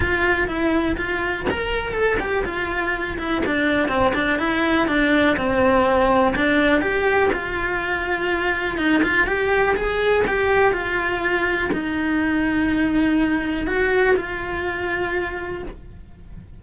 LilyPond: \new Staff \with { instrumentName = "cello" } { \time 4/4 \tempo 4 = 123 f'4 e'4 f'4 ais'4 | a'8 g'8 f'4. e'8 d'4 | c'8 d'8 e'4 d'4 c'4~ | c'4 d'4 g'4 f'4~ |
f'2 dis'8 f'8 g'4 | gis'4 g'4 f'2 | dis'1 | fis'4 f'2. | }